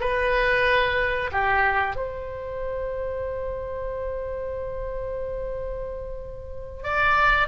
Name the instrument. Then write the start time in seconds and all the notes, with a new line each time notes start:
oboe
0.00 B4
1.32 G4
1.95 C5
6.83 D5